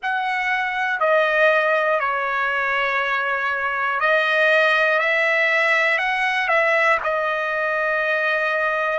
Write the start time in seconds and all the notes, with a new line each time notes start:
0.02 F#5
1.00 D#5
2.00 C#5
4.00 D#5
4.99 E5
5.98 F#5
6.48 E5
7.03 D#5